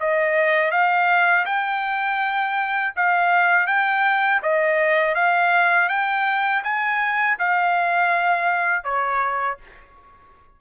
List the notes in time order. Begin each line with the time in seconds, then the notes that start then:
0.00 D#5
0.71 F5
1.46 G5
2.96 F5
3.67 G5
4.42 D#5
5.15 F5
5.89 G5
6.64 G#5
7.39 F5
8.84 C#5